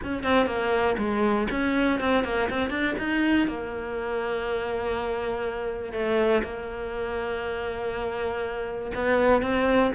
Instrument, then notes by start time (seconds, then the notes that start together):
cello
0.03 C#4
0.23 C4
0.46 A#3
0.98 G#3
1.50 C#4
1.99 C4
2.24 A#3
2.49 C4
2.69 D4
2.98 D#4
3.47 A#3
5.93 A3
6.43 A#3
8.94 B3
9.42 C4